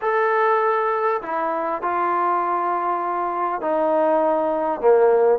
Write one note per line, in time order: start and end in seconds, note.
0.01 1.21 A4
1.22 1.81 E4
1.81 3.61 F4
3.61 4.80 D#4
4.80 5.38 A#3